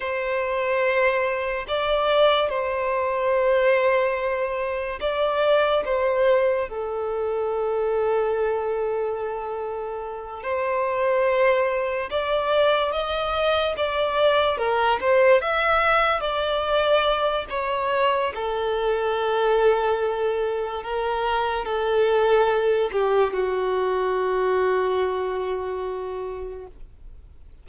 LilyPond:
\new Staff \with { instrumentName = "violin" } { \time 4/4 \tempo 4 = 72 c''2 d''4 c''4~ | c''2 d''4 c''4 | a'1~ | a'8 c''2 d''4 dis''8~ |
dis''8 d''4 ais'8 c''8 e''4 d''8~ | d''4 cis''4 a'2~ | a'4 ais'4 a'4. g'8 | fis'1 | }